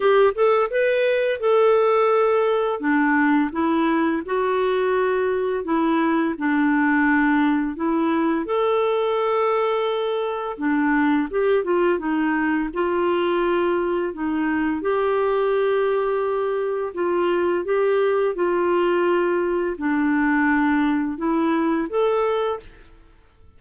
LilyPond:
\new Staff \with { instrumentName = "clarinet" } { \time 4/4 \tempo 4 = 85 g'8 a'8 b'4 a'2 | d'4 e'4 fis'2 | e'4 d'2 e'4 | a'2. d'4 |
g'8 f'8 dis'4 f'2 | dis'4 g'2. | f'4 g'4 f'2 | d'2 e'4 a'4 | }